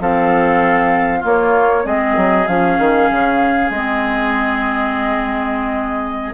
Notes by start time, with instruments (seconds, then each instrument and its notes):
0.00 bassoon F3, clarinet C4, oboe A4, flute F5
1.20 clarinet A#3, bassoon A#3, oboe F4, flute C#5
1.84 bassoon G#3, clarinet C4, oboe G#4, flute D#5
2.17 bassoon F#3
2.47 bassoon F3, clarinet C#4, flute F5
2.79 bassoon D#3
3.11 bassoon C#3
3.70 bassoon G#3, clarinet C4, flute D#5